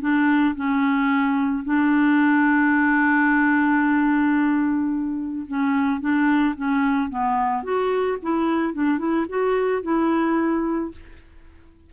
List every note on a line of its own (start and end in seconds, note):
0.00 0.55 D4
0.55 1.63 C#4
1.63 5.45 D4
5.47 6.00 C#4
6.00 6.54 D4
6.55 7.09 C#4
7.09 7.63 B3
7.63 8.17 F#4
8.22 8.73 E4
8.73 8.98 D4
8.98 9.25 E4
9.28 9.82 F#4
9.82 10.91 E4